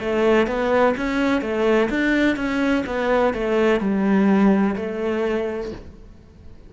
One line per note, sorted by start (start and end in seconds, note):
0.00 0.47 A3
0.47 0.95 B3
0.97 1.42 C#4
1.42 1.89 A3
1.90 2.36 D4
2.36 2.84 C#4
2.86 3.34 B3
3.34 3.80 A3
3.80 4.75 G3
4.76 5.71 A3